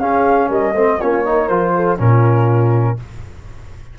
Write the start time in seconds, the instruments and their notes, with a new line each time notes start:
0.00 tuba C#4, trombone C#4, horn G#4, flute F5
0.49 tuba G3, horn A#4, flute D#5
0.74 tuba A3, trombone C4, horn C5
1.01 tuba A#3, trombone C#4, horn F4, flute C#5
1.25 trombone D#4, horn A#4
1.48 tuba F3, trombone F4, flute C5
1.76 horn A4
1.98 tuba A#2, trombone C#4, horn F4, flute A#4